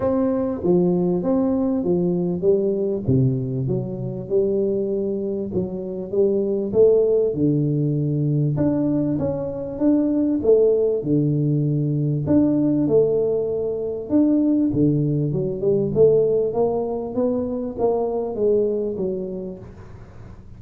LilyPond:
\new Staff \with { instrumentName = "tuba" } { \time 4/4 \tempo 4 = 98 c'4 f4 c'4 f4 | g4 c4 fis4 g4~ | g4 fis4 g4 a4 | d2 d'4 cis'4 |
d'4 a4 d2 | d'4 a2 d'4 | d4 fis8 g8 a4 ais4 | b4 ais4 gis4 fis4 | }